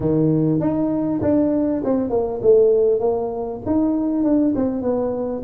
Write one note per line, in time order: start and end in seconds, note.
0.00 0.60 D#3
0.60 1.21 D#4
1.22 1.82 D4
1.84 2.10 C4
2.10 2.40 A#3
2.42 2.99 A3
2.99 3.60 A#3
3.66 4.23 D#4
4.23 4.54 D4
4.55 4.82 C4
4.82 5.42 B3